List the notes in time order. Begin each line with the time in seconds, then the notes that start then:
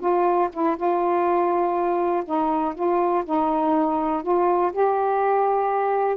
0.00 F4
0.53 E4
0.76 F4
2.25 D#4
2.75 F4
3.25 D#4
4.23 F4
4.72 G4